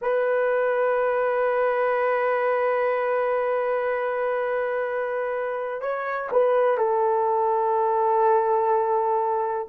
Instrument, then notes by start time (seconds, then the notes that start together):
horn
0.01 B4
5.81 C#5
6.31 B4
6.77 A4